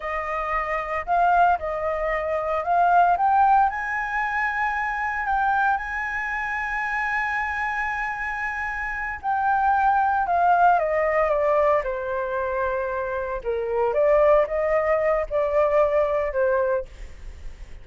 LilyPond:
\new Staff \with { instrumentName = "flute" } { \time 4/4 \tempo 4 = 114 dis''2 f''4 dis''4~ | dis''4 f''4 g''4 gis''4~ | gis''2 g''4 gis''4~ | gis''1~ |
gis''4. g''2 f''8~ | f''8 dis''4 d''4 c''4.~ | c''4. ais'4 d''4 dis''8~ | dis''4 d''2 c''4 | }